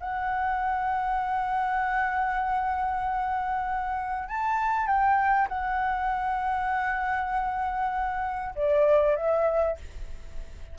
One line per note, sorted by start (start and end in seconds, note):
0.00 4.28 F#5
4.28 4.87 A5
4.87 5.48 G5
5.49 8.55 F#5
8.55 9.16 D5
9.16 9.77 E5